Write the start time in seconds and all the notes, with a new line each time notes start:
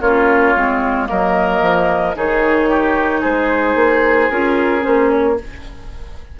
0.00 A#3 C#4 F4 C#5
0.56 G#3 C4
1.06 F#3 A#3 A#4 D#5
1.61 F3
2.15 D#3 D#4 G#4 C#5
2.69 G4
3.20 G#3 G#4 C5
3.74 A#3
4.30 C#4 F4 A#4
4.81 A#3 C#4 C5
5.10 C#5